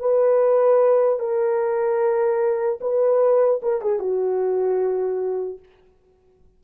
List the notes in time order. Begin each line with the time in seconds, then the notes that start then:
0.00 B4
1.19 A#4
2.81 B4
3.63 A#4
3.82 G#4
3.99 F#4